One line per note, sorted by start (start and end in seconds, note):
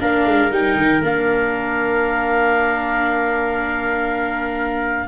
0.00 0.26 A#3
0.00 0.51 D4
0.00 5.08 A#4
0.00 0.52 F5
0.26 0.51 G#3
0.51 0.76 G3
0.51 1.02 D#4
0.51 1.03 G5
0.76 1.01 D#3
1.01 5.08 A#3
1.01 5.08 D4
1.01 5.08 F5